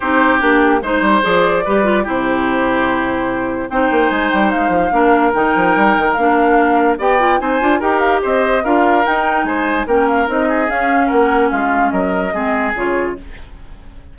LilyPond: <<
  \new Staff \with { instrumentName = "flute" } { \time 4/4 \tempo 4 = 146 c''4 g'4 c''4 d''4~ | d''4 c''2.~ | c''4 g''4 gis''8 g''8 f''4~ | f''4 g''2 f''4~ |
f''4 g''4 gis''4 g''8 f''8 | dis''4 f''4 g''4 gis''4 | g''8 f''8 dis''4 f''4 fis''4 | f''4 dis''2 cis''4 | }
  \new Staff \with { instrumentName = "oboe" } { \time 4/4 g'2 c''2 | b'4 g'2.~ | g'4 c''2. | ais'1~ |
ais'4 d''4 c''4 ais'4 | c''4 ais'2 c''4 | ais'4. gis'4. ais'4 | f'4 ais'4 gis'2 | }
  \new Staff \with { instrumentName = "clarinet" } { \time 4/4 dis'4 d'4 dis'4 gis'4 | g'8 f'8 e'2.~ | e'4 dis'2. | d'4 dis'2 d'4~ |
d'4 g'8 f'8 dis'8 f'8 g'4~ | g'4 f'4 dis'2 | cis'4 dis'4 cis'2~ | cis'2 c'4 f'4 | }
  \new Staff \with { instrumentName = "bassoon" } { \time 4/4 c'4 ais4 gis8 g8 f4 | g4 c2.~ | c4 c'8 ais8 gis8 g8 gis8 f8 | ais4 dis8 f8 g8 dis8 ais4~ |
ais4 b4 c'8 d'8 dis'4 | c'4 d'4 dis'4 gis4 | ais4 c'4 cis'4 ais4 | gis4 fis4 gis4 cis4 | }
>>